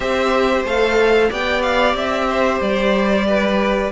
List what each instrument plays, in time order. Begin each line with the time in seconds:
0.00 cello C4, viola G4, violin C5 E5
0.64 cello A3, viola A4, violin F5
1.29 cello B3, viola G4, violin D5 G5
1.62 violin F5
1.94 cello C4, violin E5
2.28 violin C5
2.60 cello G3, violin D5
3.26 violin B4